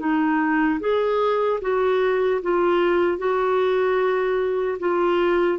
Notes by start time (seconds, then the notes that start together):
0.00 D#4
0.80 G#4
1.61 F#4
2.43 F4
3.19 F#4
4.79 F4